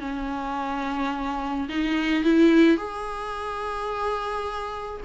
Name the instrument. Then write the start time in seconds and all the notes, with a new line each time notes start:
viola
0.00 C#4
1.68 D#4
2.24 E4
2.77 G#4